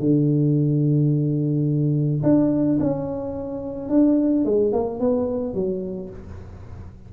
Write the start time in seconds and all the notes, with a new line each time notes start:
0.00 D3
2.23 D4
2.80 C#4
3.90 D4
4.45 G#3
4.73 A#3
5.00 B3
5.55 F#3